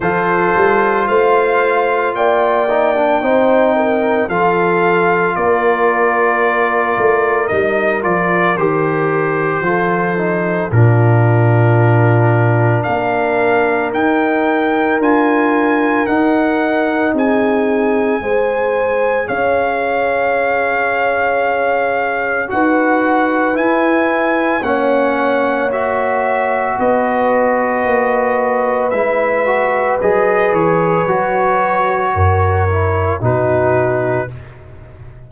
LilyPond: <<
  \new Staff \with { instrumentName = "trumpet" } { \time 4/4 \tempo 4 = 56 c''4 f''4 g''2 | f''4 d''2 dis''8 d''8 | c''2 ais'2 | f''4 g''4 gis''4 fis''4 |
gis''2 f''2~ | f''4 fis''4 gis''4 fis''4 | e''4 dis''2 e''4 | dis''8 cis''2~ cis''8 b'4 | }
  \new Staff \with { instrumentName = "horn" } { \time 4/4 a'4 c''4 d''4 c''8 ais'8 | a'4 ais'2.~ | ais'4 a'4 f'2 | ais'1 |
gis'4 c''4 cis''2~ | cis''4 b'2 cis''4~ | cis''4 b'2.~ | b'2 ais'4 fis'4 | }
  \new Staff \with { instrumentName = "trombone" } { \time 4/4 f'2~ f'8 dis'16 d'16 dis'4 | f'2. dis'8 f'8 | g'4 f'8 dis'8 d'2~ | d'4 dis'4 f'4 dis'4~ |
dis'4 gis'2.~ | gis'4 fis'4 e'4 cis'4 | fis'2. e'8 fis'8 | gis'4 fis'4. e'8 dis'4 | }
  \new Staff \with { instrumentName = "tuba" } { \time 4/4 f8 g8 a4 ais4 c'4 | f4 ais4. a8 g8 f8 | dis4 f4 ais,2 | ais4 dis'4 d'4 dis'4 |
c'4 gis4 cis'2~ | cis'4 dis'4 e'4 ais4~ | ais4 b4 ais4 gis4 | fis8 e8 fis4 fis,4 b,4 | }
>>